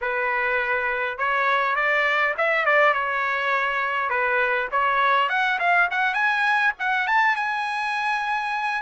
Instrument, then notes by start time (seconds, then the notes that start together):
trumpet
0.01 B4
1.18 C#5
1.75 D5
2.37 E5
2.65 D5
2.93 C#5
4.09 B4
4.71 C#5
5.29 F#5
5.59 F5
5.90 F#5
6.14 G#5
6.79 F#5
7.07 A5
7.35 G#5